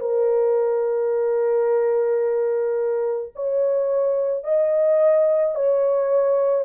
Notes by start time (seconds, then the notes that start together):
0.00 A#4
3.35 C#5
4.44 D#5
5.55 C#5